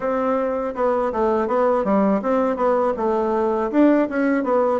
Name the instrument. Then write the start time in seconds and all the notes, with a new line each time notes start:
bassoon
0.00 C4
0.74 B3
1.12 A3
1.47 B3
1.84 G3
2.22 C4
2.56 B3
2.96 A3
3.71 D4
4.09 C#4
4.43 B3